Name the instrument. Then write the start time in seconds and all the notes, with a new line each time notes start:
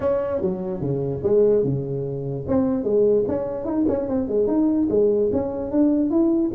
tuba
0.00 C#4
0.41 F#3
0.80 C#3
1.23 G#3
1.64 C#3
2.48 C4
2.83 G#3
3.27 C#4
3.64 D#4
3.88 C#4
4.08 C4
4.28 G#3
4.47 D#4
4.90 G#3
5.32 C#4
5.71 D4
6.10 E4